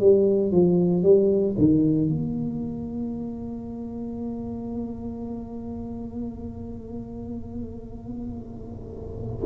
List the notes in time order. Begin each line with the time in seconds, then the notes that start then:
0.00 G3
0.52 F3
1.03 G3
1.58 D#3
2.10 A#3